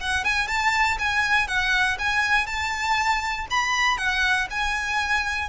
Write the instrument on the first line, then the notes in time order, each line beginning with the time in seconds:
violin
0.00 F#5
0.24 G#5
0.47 A5
0.98 G#5
1.47 F#5
1.98 G#5
2.46 A5
3.50 B5
3.97 F#5
4.50 G#5